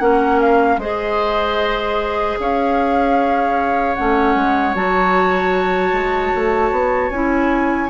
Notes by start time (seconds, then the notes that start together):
0.00 A#3 C#4 A#4 F#5
0.40 F5
0.78 G#3 G#4 C5 D#5
2.39 C#4 C#5 F5
3.95 A3 C#4 F#5
4.35 G#3
4.75 F#3 F#4 A5
5.92 G#3
6.35 A3
6.71 B3
7.10 C#4 E4 G#5